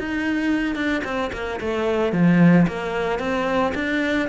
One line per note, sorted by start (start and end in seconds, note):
0.00 0.76 D#4
0.76 1.03 D4
1.04 1.31 C4
1.33 1.60 A#3
1.61 2.13 A3
2.13 2.67 F3
2.68 3.19 A#3
3.19 3.73 C4
3.75 4.29 D4